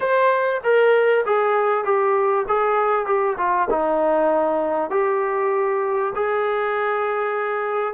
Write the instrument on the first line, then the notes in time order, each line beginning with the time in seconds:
trombone
0.00 C5
0.63 A#4
1.25 G#4
1.84 G4
2.48 G#4
3.06 G4
3.37 F4
3.70 D#4
4.90 G4
6.15 G#4